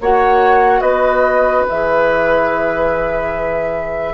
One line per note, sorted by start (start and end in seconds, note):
0.00 0.81 A#3
0.00 1.68 F#4
0.00 0.81 C#5
0.00 0.81 F#5
0.81 1.64 B3
0.81 4.14 B4
0.81 1.64 D#5
1.68 4.14 E3
1.68 4.14 G#4
1.68 4.14 E5